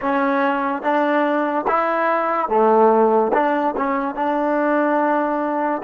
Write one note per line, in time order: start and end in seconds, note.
0.01 0.82 C#4
0.82 1.65 D4
1.67 2.48 E4
2.48 3.32 A3
3.33 3.74 D4
3.77 4.15 C#4
4.15 5.81 D4